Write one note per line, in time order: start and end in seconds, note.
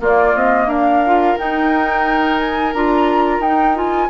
0.00 0.34 A#3
0.00 1.04 A#3
0.00 0.67 F4
0.00 0.36 D5
0.35 0.66 C4
0.35 0.69 D#5
0.66 1.34 D4
0.66 4.08 A#4
0.66 1.37 F5
1.06 1.37 F4
1.37 2.74 D#4
1.37 2.38 G5
2.38 2.73 G#5
2.73 3.39 D4
2.73 3.43 F4
2.73 3.41 A#5
3.39 4.07 D#4
3.39 3.75 D#4
3.39 3.76 G5
3.75 4.09 F4
3.75 4.10 G#5